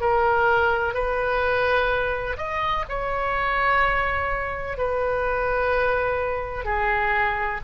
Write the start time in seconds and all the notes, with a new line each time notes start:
0.00 A#4
0.94 B4
2.37 D#5
2.89 C#5
4.77 B4
6.65 G#4